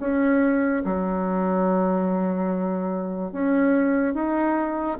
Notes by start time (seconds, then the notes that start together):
0.00 C#4
0.85 F#3
3.33 C#4
4.14 D#4